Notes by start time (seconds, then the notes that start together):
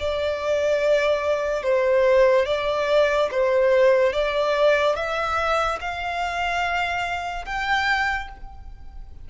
0.00 D5
1.63 C5
2.46 D5
3.32 C5
4.13 D5
4.96 E5
5.81 F5
7.46 G5